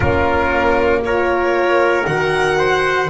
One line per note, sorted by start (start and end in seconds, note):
0.00 2.04 A#3
0.00 1.04 C#4
0.00 1.02 F4
0.00 1.01 A#4
1.05 2.05 F4
1.05 2.58 A#4
1.05 2.06 C#5
2.05 3.09 D#3
2.05 3.09 F#4
2.05 3.09 F#5
2.58 3.09 C5